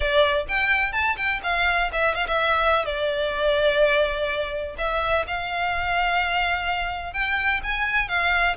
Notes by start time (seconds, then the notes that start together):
0.00 D5
0.48 G5
0.92 A5
1.16 G5
1.43 F5
1.92 E5
2.14 F5
2.27 E5
2.85 D5
4.77 E5
5.27 F5
7.13 G5
7.63 G#5
8.08 F5